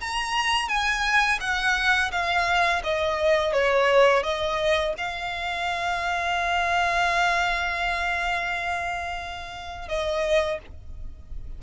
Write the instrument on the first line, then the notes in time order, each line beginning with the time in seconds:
violin
0.00 A#5
0.68 G#5
1.40 F#5
2.11 F5
2.83 D#5
3.52 C#5
4.23 D#5
4.97 F5
9.88 D#5